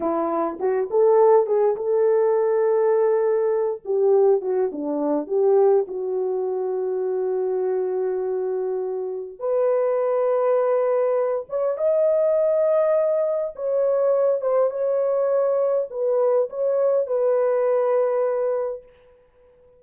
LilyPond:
\new Staff \with { instrumentName = "horn" } { \time 4/4 \tempo 4 = 102 e'4 fis'8 a'4 gis'8 a'4~ | a'2~ a'8 g'4 fis'8 | d'4 g'4 fis'2~ | fis'1 |
b'2.~ b'8 cis''8 | dis''2. cis''4~ | cis''8 c''8 cis''2 b'4 | cis''4 b'2. | }